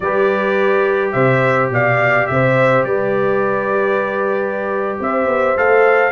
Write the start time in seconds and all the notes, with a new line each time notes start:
0.00 G3 G4 B4 D5
1.12 C3 C5 E5
1.70 B2 D5 F5
2.26 C3 C5 E5
2.84 G3 B4 D5
5.00 C4 C5 E5
5.26 B3
5.57 A3 A4 F5